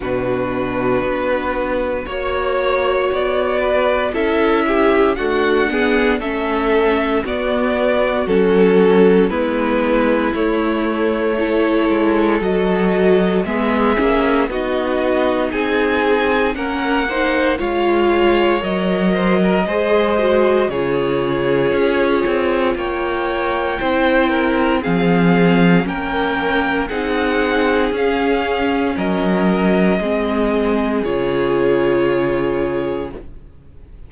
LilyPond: <<
  \new Staff \with { instrumentName = "violin" } { \time 4/4 \tempo 4 = 58 b'2 cis''4 d''4 | e''4 fis''4 e''4 d''4 | a'4 b'4 cis''2 | dis''4 e''4 dis''4 gis''4 |
fis''4 f''4 dis''2 | cis''2 g''2 | f''4 g''4 fis''4 f''4 | dis''2 cis''2 | }
  \new Staff \with { instrumentName = "violin" } { \time 4/4 fis'2 cis''4. b'8 | a'8 g'8 fis'8 gis'8 a'4 fis'4~ | fis'4 e'2 a'4~ | a'4 gis'4 fis'4 gis'4 |
ais'8 c''8 cis''4. c''16 ais'16 c''4 | gis'2 cis''4 c''8 ais'8 | gis'4 ais'4 gis'2 | ais'4 gis'2. | }
  \new Staff \with { instrumentName = "viola" } { \time 4/4 d'2 fis'2 | e'4 a8 b8 cis'4 b4 | cis'4 b4 a4 e'4 | fis'4 b8 cis'8 dis'2 |
cis'8 dis'8 f'4 ais'4 gis'8 fis'8 | f'2. e'4 | c'4 cis'4 dis'4 cis'4~ | cis'4 c'4 f'2 | }
  \new Staff \with { instrumentName = "cello" } { \time 4/4 b,4 b4 ais4 b4 | cis'4 d'4 a4 b4 | fis4 gis4 a4. gis8 | fis4 gis8 ais8 b4 c'4 |
ais4 gis4 fis4 gis4 | cis4 cis'8 c'8 ais4 c'4 | f4 ais4 c'4 cis'4 | fis4 gis4 cis2 | }
>>